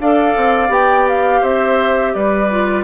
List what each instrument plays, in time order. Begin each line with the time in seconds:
0.00 bassoon D4, clarinet A4, oboe D5, flute F5
0.36 bassoon C4
0.69 bassoon B3, clarinet G4, flute G5
1.08 flute F5
1.41 bassoon C4, oboe C5, flute E5
2.14 bassoon G3, oboe B4, flute D5
2.51 clarinet F4